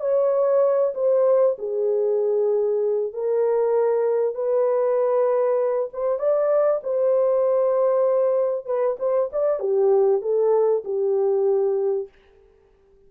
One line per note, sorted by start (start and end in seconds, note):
0.00 0.93 C#5
0.94 1.56 C5
1.58 3.13 G#4
3.13 4.34 A#4
4.34 5.89 B4
5.93 6.19 C5
6.19 6.81 D5
6.83 8.66 C5
8.66 8.97 B4
8.99 9.30 C5
9.32 9.59 D5
9.59 10.21 G4
10.21 10.83 A4
10.84 12.08 G4